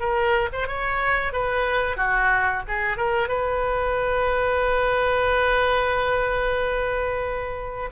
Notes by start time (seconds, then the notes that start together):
0.00 A#4
0.53 C5
0.68 C#5
1.33 B4
1.97 F#4
2.68 G#4
2.97 A#4
3.28 B4